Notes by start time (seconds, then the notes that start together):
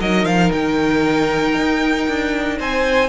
0.00 F#3 D#4 A#4 D#5
0.25 F3 F5
0.52 D#3 G5
1.57 D#4
2.08 D4
2.59 C4 C5 G#5